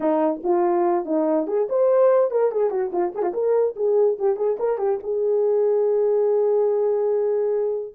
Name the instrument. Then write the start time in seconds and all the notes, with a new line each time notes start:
horn
0.00 D#4
0.43 F4
1.05 D#4
1.47 G#4
1.69 C5
2.30 A#4
2.51 G#4
2.70 F#4
2.92 F4
3.14 G#4
3.22 F4
3.33 A#4
3.76 G#4
4.18 G4
4.36 G#4
4.59 A#4
4.78 G4
5.03 G#4